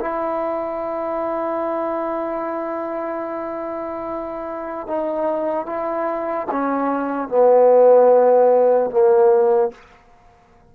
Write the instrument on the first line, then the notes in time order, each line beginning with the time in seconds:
trombone
0.00 E4
4.87 D#4
5.65 E4
6.51 C#4
7.28 B3
8.90 A#3